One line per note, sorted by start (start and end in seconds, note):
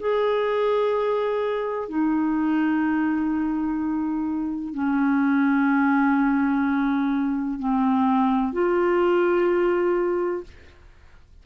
0.00 1.89 G#4
1.89 4.74 D#4
4.74 7.59 C#4
7.59 8.53 C4
8.53 10.43 F4